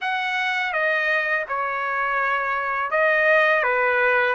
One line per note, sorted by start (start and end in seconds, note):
0.01 0.73 F#5
0.73 1.45 D#5
1.48 2.90 C#5
2.90 3.63 D#5
3.63 4.34 B4